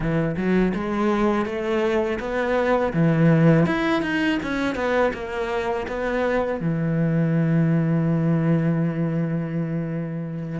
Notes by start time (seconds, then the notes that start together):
0.00 E3
0.36 F#3
0.74 G#3
1.45 A3
2.19 B3
2.93 E3
3.66 E4
4.02 D#4
4.42 C#4
4.75 B3
5.13 A#3
5.87 B3
6.60 E3